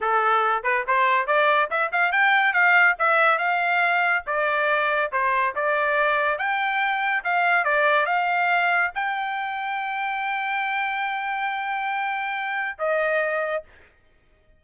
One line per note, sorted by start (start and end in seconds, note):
0.00 0.63 A4
0.63 0.84 B4
0.87 1.26 C5
1.26 1.69 D5
1.70 1.91 E5
1.91 2.11 F5
2.11 2.53 G5
2.53 2.95 F5
2.98 3.38 E5
3.38 4.23 F5
4.26 5.11 D5
5.12 5.54 C5
5.55 6.38 D5
6.38 7.23 G5
7.23 7.64 F5
7.64 8.06 D5
8.06 8.91 F5
8.94 12.77 G5
12.78 13.63 D#5